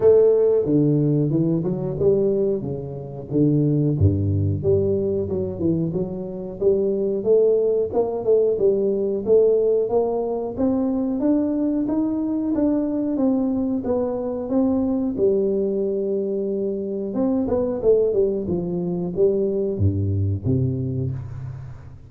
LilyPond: \new Staff \with { instrumentName = "tuba" } { \time 4/4 \tempo 4 = 91 a4 d4 e8 fis8 g4 | cis4 d4 g,4 g4 | fis8 e8 fis4 g4 a4 | ais8 a8 g4 a4 ais4 |
c'4 d'4 dis'4 d'4 | c'4 b4 c'4 g4~ | g2 c'8 b8 a8 g8 | f4 g4 g,4 c4 | }